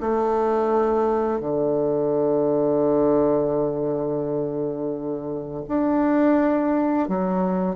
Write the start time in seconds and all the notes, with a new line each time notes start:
0.00 A3
1.40 D3
5.68 D4
7.08 F#3